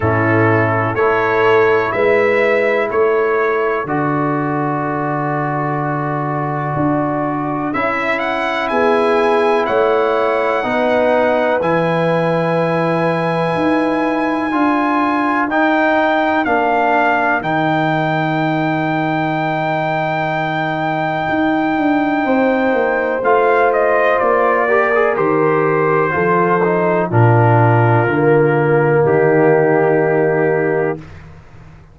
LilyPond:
<<
  \new Staff \with { instrumentName = "trumpet" } { \time 4/4 \tempo 4 = 62 a'4 cis''4 e''4 cis''4 | d''1 | e''8 fis''8 gis''4 fis''2 | gis''1 |
g''4 f''4 g''2~ | g''1 | f''8 dis''8 d''4 c''2 | ais'2 g'2 | }
  \new Staff \with { instrumentName = "horn" } { \time 4/4 e'4 a'4 b'4 a'4~ | a'1~ | a'4 gis'4 cis''4 b'4~ | b'2. ais'4~ |
ais'1~ | ais'2. c''4~ | c''4. ais'4. a'4 | f'2 dis'2 | }
  \new Staff \with { instrumentName = "trombone" } { \time 4/4 cis'4 e'2. | fis'1 | e'2. dis'4 | e'2. f'4 |
dis'4 d'4 dis'2~ | dis'1 | f'4. g'16 gis'16 g'4 f'8 dis'8 | d'4 ais2. | }
  \new Staff \with { instrumentName = "tuba" } { \time 4/4 a,4 a4 gis4 a4 | d2. d'4 | cis'4 b4 a4 b4 | e2 dis'4 d'4 |
dis'4 ais4 dis2~ | dis2 dis'8 d'8 c'8 ais8 | a4 ais4 dis4 f4 | ais,4 d4 dis2 | }
>>